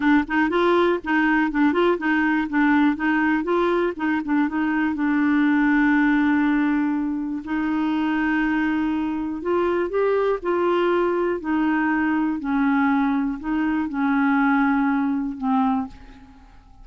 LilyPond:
\new Staff \with { instrumentName = "clarinet" } { \time 4/4 \tempo 4 = 121 d'8 dis'8 f'4 dis'4 d'8 f'8 | dis'4 d'4 dis'4 f'4 | dis'8 d'8 dis'4 d'2~ | d'2. dis'4~ |
dis'2. f'4 | g'4 f'2 dis'4~ | dis'4 cis'2 dis'4 | cis'2. c'4 | }